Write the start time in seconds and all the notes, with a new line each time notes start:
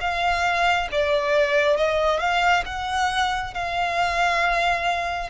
0.00 F5
0.92 D5
1.76 D#5
2.19 F5
2.66 F#5
3.54 F5